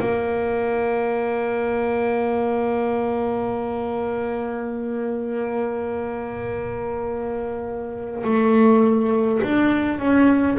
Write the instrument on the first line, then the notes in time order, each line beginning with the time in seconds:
double bass
0.00 A#3
8.24 A3
9.43 D4
9.99 C#4